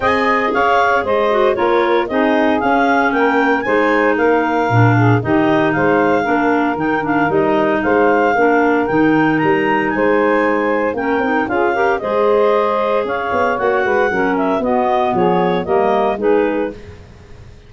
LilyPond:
<<
  \new Staff \with { instrumentName = "clarinet" } { \time 4/4 \tempo 4 = 115 gis''4 f''4 dis''4 cis''4 | dis''4 f''4 g''4 gis''4 | f''2 dis''4 f''4~ | f''4 g''8 f''8 dis''4 f''4~ |
f''4 g''4 ais''4 gis''4~ | gis''4 g''4 f''4 dis''4~ | dis''4 f''4 fis''4. e''8 | dis''4 cis''4 dis''4 b'4 | }
  \new Staff \with { instrumentName = "saxophone" } { \time 4/4 dis''4 cis''4 c''4 ais'4 | gis'2 ais'4 c''4 | ais'4. gis'8 g'4 c''4 | ais'2. c''4 |
ais'2. c''4~ | c''4 ais'4 gis'8 ais'8 c''4~ | c''4 cis''4. b'8 ais'4 | fis'4 gis'4 ais'4 gis'4 | }
  \new Staff \with { instrumentName = "clarinet" } { \time 4/4 gis'2~ gis'8 fis'8 f'4 | dis'4 cis'2 dis'4~ | dis'4 d'4 dis'2 | d'4 dis'8 d'8 dis'2 |
d'4 dis'2.~ | dis'4 cis'8 dis'8 f'8 g'8 gis'4~ | gis'2 fis'4 cis'4 | b2 ais4 dis'4 | }
  \new Staff \with { instrumentName = "tuba" } { \time 4/4 c'4 cis'4 gis4 ais4 | c'4 cis'4 ais4 gis4 | ais4 ais,4 dis4 gis4 | ais4 dis4 g4 gis4 |
ais4 dis4 g4 gis4~ | gis4 ais8 c'8 cis'4 gis4~ | gis4 cis'8 b8 ais8 gis8 fis4 | b4 f4 g4 gis4 | }
>>